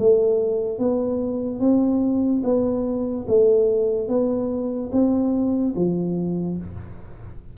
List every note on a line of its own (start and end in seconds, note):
0.00 0.79 A3
0.79 1.60 B3
1.60 2.42 C4
2.44 3.27 B3
3.28 4.09 A3
4.09 4.91 B3
4.93 5.75 C4
5.76 6.58 F3